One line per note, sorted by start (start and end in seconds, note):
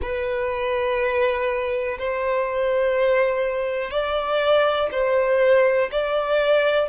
0.01 1.98 B4
1.98 3.91 C5
3.91 4.89 D5
4.91 5.90 C5
5.91 6.88 D5